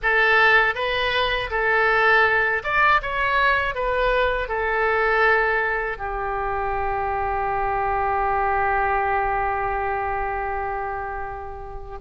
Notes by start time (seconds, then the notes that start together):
0.02 A4
0.75 B4
1.50 A4
2.63 D5
3.02 C#5
3.74 B4
4.48 A4
5.98 G4